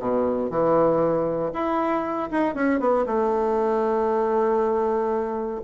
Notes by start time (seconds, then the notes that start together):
0.00 B2
0.51 E3
1.54 E4
2.31 D#4
2.55 C#4
2.80 B3
3.07 A3